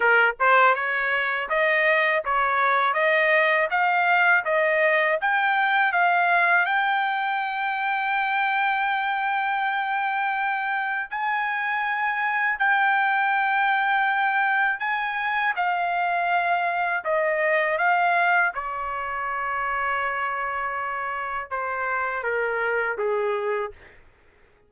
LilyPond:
\new Staff \with { instrumentName = "trumpet" } { \time 4/4 \tempo 4 = 81 ais'8 c''8 cis''4 dis''4 cis''4 | dis''4 f''4 dis''4 g''4 | f''4 g''2.~ | g''2. gis''4~ |
gis''4 g''2. | gis''4 f''2 dis''4 | f''4 cis''2.~ | cis''4 c''4 ais'4 gis'4 | }